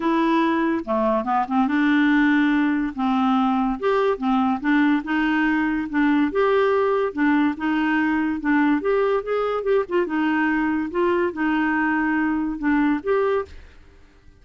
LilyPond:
\new Staff \with { instrumentName = "clarinet" } { \time 4/4 \tempo 4 = 143 e'2 a4 b8 c'8 | d'2. c'4~ | c'4 g'4 c'4 d'4 | dis'2 d'4 g'4~ |
g'4 d'4 dis'2 | d'4 g'4 gis'4 g'8 f'8 | dis'2 f'4 dis'4~ | dis'2 d'4 g'4 | }